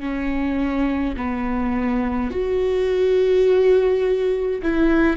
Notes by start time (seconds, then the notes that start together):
0.00 C#4
1.17 B3
2.31 F#4
4.63 E4